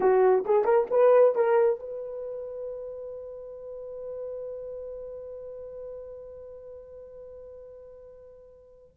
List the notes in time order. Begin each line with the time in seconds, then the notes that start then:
0.00 F#4
0.45 G#4
0.64 A#4
0.90 B4
1.35 A#4
1.79 B4